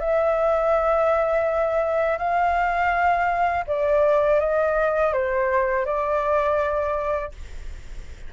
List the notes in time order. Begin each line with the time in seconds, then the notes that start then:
0.00 E5
2.19 F5
3.68 D5
4.40 D#5
5.14 C5
5.86 D5